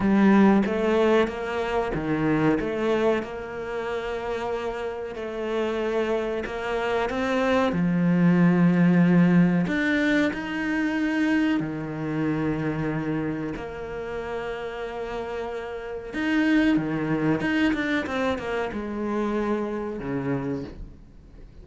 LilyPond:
\new Staff \with { instrumentName = "cello" } { \time 4/4 \tempo 4 = 93 g4 a4 ais4 dis4 | a4 ais2. | a2 ais4 c'4 | f2. d'4 |
dis'2 dis2~ | dis4 ais2.~ | ais4 dis'4 dis4 dis'8 d'8 | c'8 ais8 gis2 cis4 | }